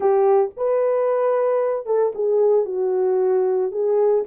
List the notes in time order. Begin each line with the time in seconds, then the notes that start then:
0.00 G4
0.56 B4
1.86 A4
2.14 G#4
2.65 F#4
3.71 G#4